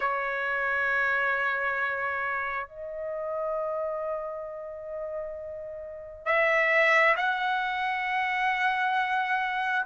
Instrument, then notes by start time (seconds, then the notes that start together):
trumpet
0.00 C#5
2.67 D#5
6.25 E5
7.16 F#5